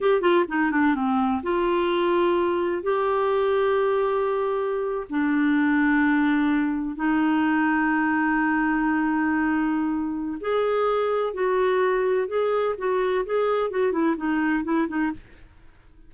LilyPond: \new Staff \with { instrumentName = "clarinet" } { \time 4/4 \tempo 4 = 127 g'8 f'8 dis'8 d'8 c'4 f'4~ | f'2 g'2~ | g'2~ g'8. d'4~ d'16~ | d'2~ d'8. dis'4~ dis'16~ |
dis'1~ | dis'2 gis'2 | fis'2 gis'4 fis'4 | gis'4 fis'8 e'8 dis'4 e'8 dis'8 | }